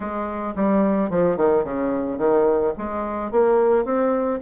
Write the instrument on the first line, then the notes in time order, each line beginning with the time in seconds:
bassoon
0.00 G#3
0.55 G3
1.10 F3
1.36 D#3
1.64 C#3
2.18 D#3
2.77 G#3
3.31 A#3
3.85 C4